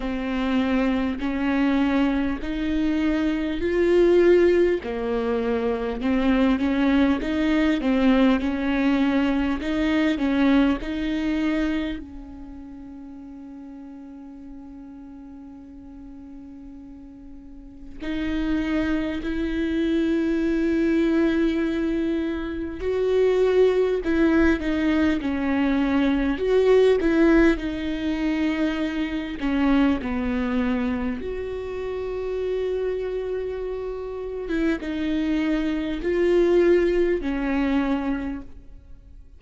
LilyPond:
\new Staff \with { instrumentName = "viola" } { \time 4/4 \tempo 4 = 50 c'4 cis'4 dis'4 f'4 | ais4 c'8 cis'8 dis'8 c'8 cis'4 | dis'8 cis'8 dis'4 cis'2~ | cis'2. dis'4 |
e'2. fis'4 | e'8 dis'8 cis'4 fis'8 e'8 dis'4~ | dis'8 cis'8 b4 fis'2~ | fis'8. e'16 dis'4 f'4 cis'4 | }